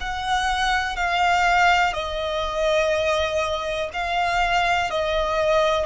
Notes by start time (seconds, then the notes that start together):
0.00 F#5
0.96 F5
1.93 D#5
3.93 F5
4.90 D#5